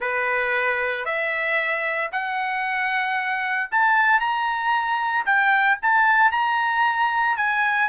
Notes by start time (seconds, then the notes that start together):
0.00 B4
1.05 E5
2.12 F#5
3.71 A5
4.20 A#5
5.25 G5
5.82 A5
6.31 A#5
7.36 G#5